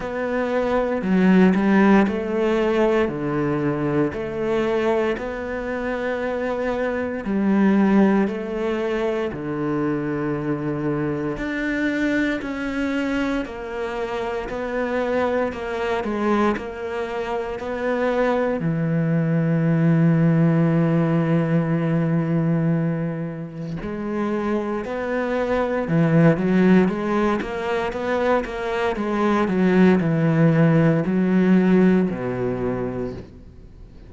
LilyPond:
\new Staff \with { instrumentName = "cello" } { \time 4/4 \tempo 4 = 58 b4 fis8 g8 a4 d4 | a4 b2 g4 | a4 d2 d'4 | cis'4 ais4 b4 ais8 gis8 |
ais4 b4 e2~ | e2. gis4 | b4 e8 fis8 gis8 ais8 b8 ais8 | gis8 fis8 e4 fis4 b,4 | }